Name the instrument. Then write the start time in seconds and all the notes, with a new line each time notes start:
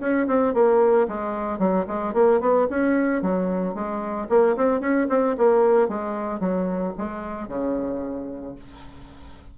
bassoon
0.00 C#4
0.27 C4
0.54 A#3
1.08 G#3
1.59 F#3
1.87 G#3
2.14 A#3
2.41 B3
2.70 C#4
3.22 F#3
3.75 G#3
4.30 A#3
4.57 C4
4.80 C#4
5.10 C4
5.38 A#3
5.89 G#3
6.40 F#3
6.98 G#3
7.48 C#3